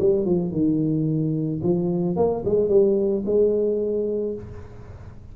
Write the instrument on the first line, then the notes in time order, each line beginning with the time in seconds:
tuba
0.00 G3
0.26 F3
0.52 D#3
1.63 F3
2.16 A#3
2.45 G#3
2.69 G3
3.26 G#3